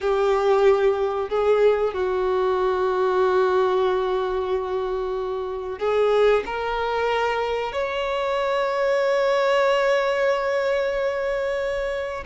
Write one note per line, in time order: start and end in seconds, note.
0.00 1.29 G4
1.29 1.93 G#4
1.93 5.79 F#4
5.79 6.43 G#4
6.45 7.72 A#4
7.72 12.23 C#5